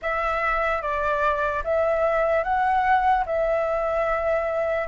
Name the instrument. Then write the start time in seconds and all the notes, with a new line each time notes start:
flute
0.01 E5
0.81 D5
1.64 E5
2.43 F#5
3.25 E5